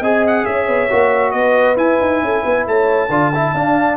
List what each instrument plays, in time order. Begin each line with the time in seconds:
0.00 tuba C4, trombone G#4, horn D#5, trumpet G#5
0.26 trumpet F#5
0.45 tuba C#4, horn C#5, trumpet E5
0.67 tuba B3
0.89 tuba A#3, trombone F#4
1.31 tuba B3, horn B4, trumpet D#5
1.76 tuba E4, trombone E4, trumpet G#5
2.00 tuba D#4
2.22 tuba C#4, horn A4
2.42 tuba B3, horn B4
2.67 tuba A3, horn C#5, trumpet A5
3.09 tuba D3, trombone F4, horn D5
3.34 trombone E4, horn E5
3.53 tuba D4, trombone D4, horn F5